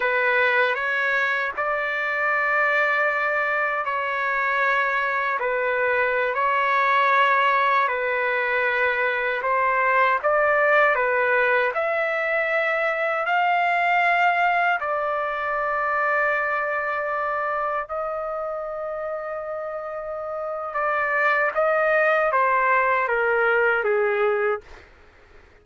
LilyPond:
\new Staff \with { instrumentName = "trumpet" } { \time 4/4 \tempo 4 = 78 b'4 cis''4 d''2~ | d''4 cis''2 b'4~ | b'16 cis''2 b'4.~ b'16~ | b'16 c''4 d''4 b'4 e''8.~ |
e''4~ e''16 f''2 d''8.~ | d''2.~ d''16 dis''8.~ | dis''2. d''4 | dis''4 c''4 ais'4 gis'4 | }